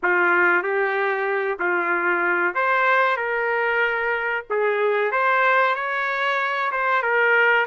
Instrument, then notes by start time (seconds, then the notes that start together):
trumpet
0.02 F4
0.62 G4
1.59 F4
2.54 C5
3.16 A#4
4.49 G#4
5.11 C5
5.75 C#5
6.71 C5
7.02 A#4